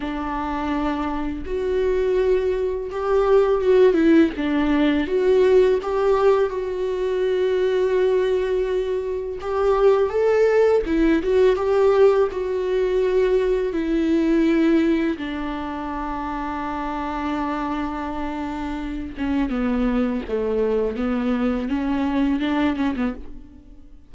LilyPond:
\new Staff \with { instrumentName = "viola" } { \time 4/4 \tempo 4 = 83 d'2 fis'2 | g'4 fis'8 e'8 d'4 fis'4 | g'4 fis'2.~ | fis'4 g'4 a'4 e'8 fis'8 |
g'4 fis'2 e'4~ | e'4 d'2.~ | d'2~ d'8 cis'8 b4 | a4 b4 cis'4 d'8 cis'16 b16 | }